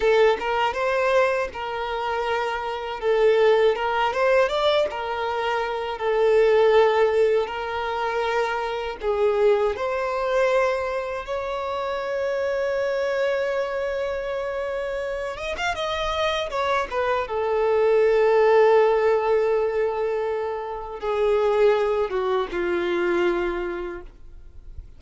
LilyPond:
\new Staff \with { instrumentName = "violin" } { \time 4/4 \tempo 4 = 80 a'8 ais'8 c''4 ais'2 | a'4 ais'8 c''8 d''8 ais'4. | a'2 ais'2 | gis'4 c''2 cis''4~ |
cis''1~ | cis''8 dis''16 f''16 dis''4 cis''8 b'8 a'4~ | a'1 | gis'4. fis'8 f'2 | }